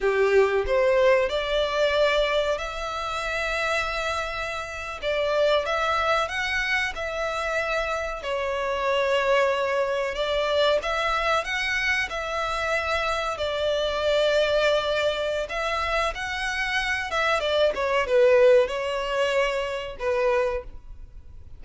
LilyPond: \new Staff \with { instrumentName = "violin" } { \time 4/4 \tempo 4 = 93 g'4 c''4 d''2 | e''2.~ e''8. d''16~ | d''8. e''4 fis''4 e''4~ e''16~ | e''8. cis''2. d''16~ |
d''8. e''4 fis''4 e''4~ e''16~ | e''8. d''2.~ d''16 | e''4 fis''4. e''8 d''8 cis''8 | b'4 cis''2 b'4 | }